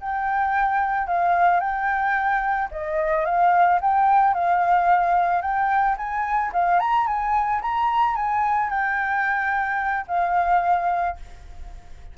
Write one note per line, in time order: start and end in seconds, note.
0.00 1.07 G5
1.07 1.59 F5
1.59 2.69 G5
2.71 3.25 D#5
3.25 3.79 F5
3.80 4.34 G5
4.34 5.41 F5
5.41 5.96 G5
5.97 6.51 G#5
6.53 6.79 F5
6.79 7.06 A#5
7.06 7.61 G#5
7.61 8.15 A#5
8.15 8.69 G#5
8.69 10.05 G5
10.07 11.16 F5